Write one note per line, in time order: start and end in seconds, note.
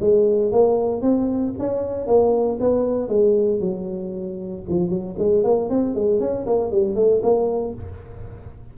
0.00 0.51 G#3
0.51 1.02 A#3
1.02 1.53 C4
1.59 2.07 C#4
2.07 2.58 A#3
2.60 3.08 B3
3.08 3.60 G#3
3.60 4.63 F#3
4.69 4.89 F3
4.89 5.15 F#3
5.18 5.44 G#3
5.44 5.69 A#3
5.69 5.94 C4
5.94 6.20 G#3
6.20 6.46 C#4
6.46 6.71 A#3
6.71 6.95 G3
6.95 7.21 A3
7.22 7.74 A#3